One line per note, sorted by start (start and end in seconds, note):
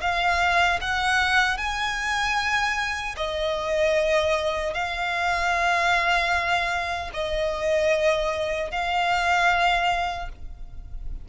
0.00 0.79 F5
0.80 1.57 F#5
1.57 3.15 G#5
3.17 4.74 D#5
4.74 7.11 F5
7.13 8.71 D#5
8.71 10.28 F5